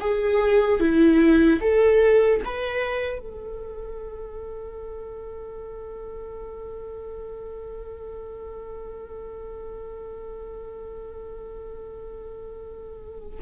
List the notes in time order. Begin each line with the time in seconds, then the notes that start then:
0.00 G#4
0.80 E4
1.61 A4
2.45 B4
3.19 A4